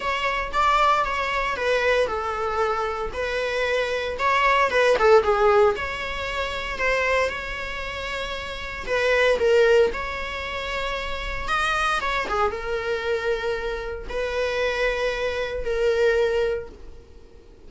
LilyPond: \new Staff \with { instrumentName = "viola" } { \time 4/4 \tempo 4 = 115 cis''4 d''4 cis''4 b'4 | a'2 b'2 | cis''4 b'8 a'8 gis'4 cis''4~ | cis''4 c''4 cis''2~ |
cis''4 b'4 ais'4 cis''4~ | cis''2 dis''4 cis''8 gis'8 | ais'2. b'4~ | b'2 ais'2 | }